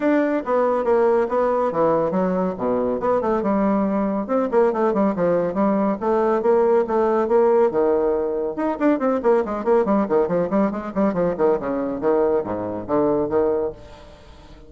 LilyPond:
\new Staff \with { instrumentName = "bassoon" } { \time 4/4 \tempo 4 = 140 d'4 b4 ais4 b4 | e4 fis4 b,4 b8 a8 | g2 c'8 ais8 a8 g8 | f4 g4 a4 ais4 |
a4 ais4 dis2 | dis'8 d'8 c'8 ais8 gis8 ais8 g8 dis8 | f8 g8 gis8 g8 f8 dis8 cis4 | dis4 gis,4 d4 dis4 | }